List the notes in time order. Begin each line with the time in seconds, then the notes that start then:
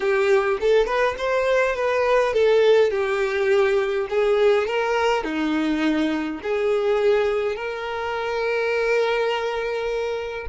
0.00 G4
0.60 A4
0.86 B4
1.18 C5
1.75 B4
2.33 A4
2.90 G4
4.09 G#4
4.67 A#4
5.23 D#4
6.42 G#4
7.55 A#4